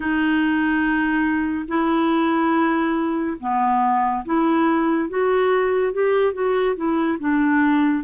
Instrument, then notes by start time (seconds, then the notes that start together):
clarinet
0.00 D#4
1.68 E4
3.40 B3
4.25 E4
5.09 F#4
5.92 G4
6.33 F#4
6.76 E4
7.19 D4